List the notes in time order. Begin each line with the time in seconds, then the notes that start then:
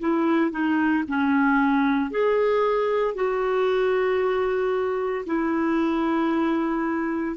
0.00 E4
0.51 D#4
1.08 C#4
2.11 G#4
3.14 F#4
5.26 E4